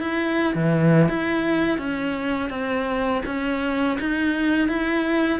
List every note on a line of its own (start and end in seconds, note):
0.00 0.54 E4
0.54 1.08 E3
1.08 1.78 E4
1.78 2.49 C#4
2.49 3.22 C4
3.26 3.98 C#4
3.99 4.68 D#4
4.68 5.40 E4